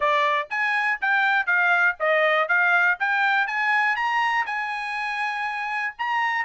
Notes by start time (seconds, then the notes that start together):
0.00 D5
0.50 G#5
1.01 G5
1.46 F5
1.99 D#5
2.48 F5
2.99 G5
3.47 G#5
3.96 A#5
4.46 G#5
5.98 A#5